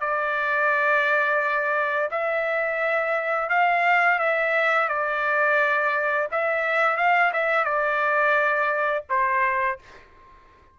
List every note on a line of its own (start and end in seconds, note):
0.00 2.09 D5
2.11 3.49 E5
3.49 4.19 F5
4.19 4.88 E5
4.88 6.28 D5
6.31 6.97 E5
6.97 7.32 F5
7.33 7.65 E5
7.65 9.04 D5
9.09 9.79 C5